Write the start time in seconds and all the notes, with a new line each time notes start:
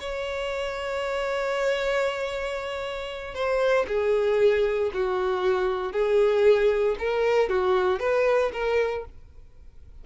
0.00 C#5
3.34 C5
3.87 G#4
4.93 F#4
5.92 G#4
6.99 A#4
7.49 F#4
8.00 B4
8.53 A#4